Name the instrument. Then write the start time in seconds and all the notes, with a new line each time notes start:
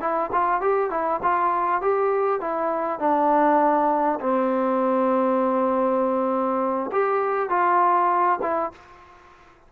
trombone
0.00 E4
0.32 F4
0.61 G4
0.90 E4
1.22 F4
1.81 G4
2.41 E4
2.99 D4
4.20 C4
6.92 G4
7.49 F4
8.42 E4